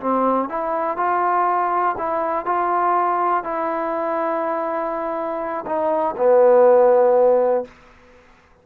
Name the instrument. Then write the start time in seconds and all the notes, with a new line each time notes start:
trombone
0.00 C4
0.49 E4
0.97 F4
1.98 E4
2.46 F4
3.44 E4
5.66 D#4
6.17 B3